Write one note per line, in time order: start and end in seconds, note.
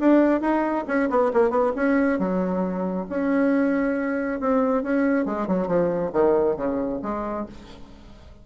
0.00 0.41 D4
0.41 0.85 D#4
0.88 1.10 C#4
1.10 1.32 B3
1.34 1.50 A#3
1.50 1.72 B3
1.76 2.19 C#4
2.19 3.07 F#3
3.10 4.41 C#4
4.41 4.83 C4
4.83 5.26 C#4
5.26 5.48 G#3
5.48 5.68 F#3
5.68 6.12 F3
6.13 6.57 D#3
6.57 7.01 C#3
7.03 7.46 G#3